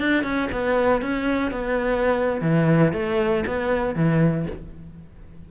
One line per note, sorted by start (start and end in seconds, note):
0.00 0.24 D4
0.24 0.50 C#4
0.52 1.02 B3
1.02 1.52 C#4
1.52 2.41 B3
2.42 2.93 E3
2.93 3.45 A3
3.47 3.95 B3
3.95 4.47 E3